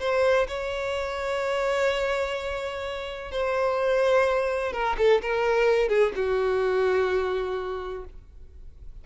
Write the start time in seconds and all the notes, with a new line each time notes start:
0.00 C5
0.48 C#5
3.31 C5
4.73 A#4
4.98 A4
5.22 A#4
5.89 G#4
6.16 F#4